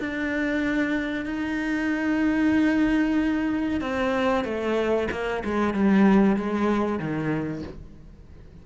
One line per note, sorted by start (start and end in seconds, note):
0.00 1.26 D4
1.26 3.81 D#4
3.81 4.45 C4
4.45 5.09 A3
5.12 5.44 A#3
5.45 5.74 G#3
5.74 6.37 G3
6.37 7.00 G#3
7.00 7.63 D#3